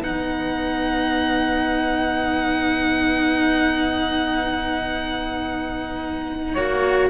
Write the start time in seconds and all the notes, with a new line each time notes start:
0.00 B3 D#4 B4 F#5
6.53 A#3 F#4 C#5